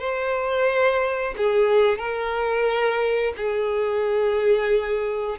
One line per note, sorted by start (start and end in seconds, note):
0.00 1.35 C5
1.38 1.99 G#4
1.99 3.33 A#4
3.37 5.39 G#4